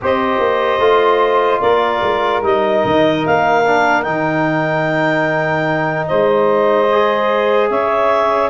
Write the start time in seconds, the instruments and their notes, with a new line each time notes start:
0.01 tuba C4, trombone G4, saxophone C5, clarinet D#5
0.38 tuba A#3
0.78 tuba A3, trombone F4
1.60 tuba A#3, saxophone A#4, clarinet D5
2.02 tuba G#3
2.42 tuba G3, trombone D#4, clarinet D#5
2.84 tuba D#3
3.26 tuba A#3, clarinet F5
3.65 trombone D4
4.02 tuba D#3, trombone D#4, clarinet G5
6.06 tuba G#3, saxophone C5, clarinet D#5
6.92 trombone G#4
7.69 tuba C#4, saxophone C#5, clarinet E5